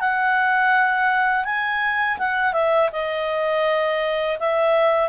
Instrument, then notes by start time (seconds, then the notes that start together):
clarinet
0.00 F#5
1.45 G#5
2.18 F#5
2.53 E5
2.92 D#5
4.39 E5